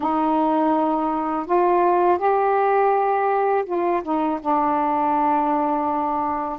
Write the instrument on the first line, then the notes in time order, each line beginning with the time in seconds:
saxophone
0.00 D#4
1.46 F4
2.18 G4
3.66 F4
4.02 D#4
4.41 D4